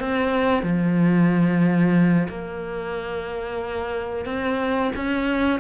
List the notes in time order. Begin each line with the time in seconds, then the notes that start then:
0.00 C4
0.63 F3
2.29 A#3
4.26 C4
4.96 C#4